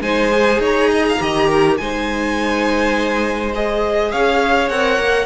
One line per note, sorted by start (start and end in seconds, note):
0.00 0.58 G#3
0.00 0.30 D#4
0.00 0.60 C5
0.00 0.60 G#5
0.30 1.18 G#4
0.58 1.17 D#4
0.58 0.89 C#5
0.65 1.77 A#5
0.91 1.05 D#5
1.08 1.22 F5
1.20 1.79 D#3
1.20 1.78 G4
1.20 1.47 D#5
1.47 1.76 A#4
1.77 4.13 G#3
1.77 3.53 D#4
1.77 4.11 C5
1.77 3.52 G#5
3.54 4.70 G#4
3.54 4.11 D#5
4.11 4.69 C#4
4.11 5.25 C#5
4.11 4.69 F5
4.69 4.98 C4
4.69 5.25 A#4
4.69 5.25 F#5
4.99 5.25 A#3